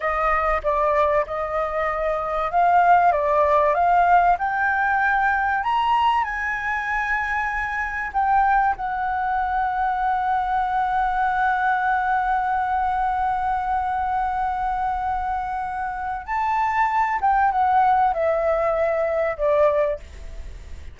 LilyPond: \new Staff \with { instrumentName = "flute" } { \time 4/4 \tempo 4 = 96 dis''4 d''4 dis''2 | f''4 d''4 f''4 g''4~ | g''4 ais''4 gis''2~ | gis''4 g''4 fis''2~ |
fis''1~ | fis''1~ | fis''2 a''4. g''8 | fis''4 e''2 d''4 | }